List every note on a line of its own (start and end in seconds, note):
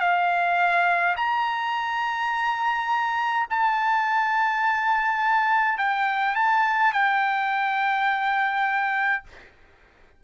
0.00 1.15 F5
1.16 3.47 A#5
3.50 5.78 A5
5.78 6.35 G5
6.35 6.93 A5
6.93 9.24 G5